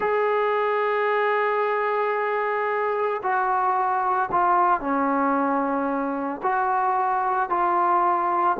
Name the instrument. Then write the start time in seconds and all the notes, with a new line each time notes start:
trombone
0.00 G#4
3.22 F#4
4.31 F4
4.80 C#4
6.42 F#4
7.49 F4